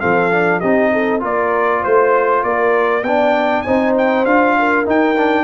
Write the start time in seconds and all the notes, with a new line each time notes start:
0.00 F3 C4 A4 F5
0.31 D4
0.60 C4 D#4 G4 D#5
0.92 A4
1.20 A#3 F4 A#4 D5
1.82 A3 C5
2.43 A#3 A#4 D5
3.02 B3 D4 D5 G5
3.62 C4 D#4 C5 G#5
3.97 G5
4.25 D4 F4 F5
4.59 A#4
4.85 D#4 G5
5.17 D4